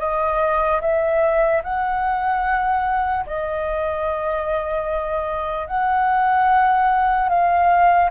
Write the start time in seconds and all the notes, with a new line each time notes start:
0.00 D#5
0.81 E5
1.64 F#5
3.27 D#5
5.68 F#5
7.29 F5